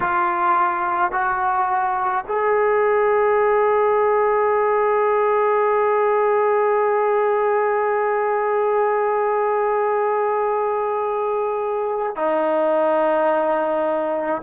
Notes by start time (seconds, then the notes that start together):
0.00 F4
1.11 F#4
2.27 G#4
12.15 D#4